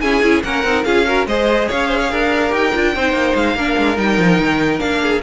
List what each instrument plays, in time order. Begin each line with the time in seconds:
0.00 viola C#4, cello E4, violin G#4 G#5
0.22 cello C#4, viola E4
0.43 cello A#3, viola C#4, violin A#4 F#5
0.63 cello C4, viola D#4
0.84 cello C#4, viola F4, violin G#4 F5
1.05 viola F#4, violin A#4
1.26 cello G#3, viola G#4, violin C5 D#5
1.68 cello C#4, violin C#5 F5
1.88 violin C5
2.00 violin C#5
2.10 cello D4, violin A#4
2.49 cello D#4, viola G4, violin G5
2.74 cello D4, viola F4
2.95 cello C4, viola D#4, violin C5
3.12 cello A#3
3.35 cello G#3, violin F5
3.55 cello A#3, viola D4, violin A#4
3.78 cello G#3
3.96 cello G3, viola D#4, violin G5
4.18 cello F3
4.38 cello D#3
4.78 cello A#3, viola D4, violin F5
5.01 violin G#4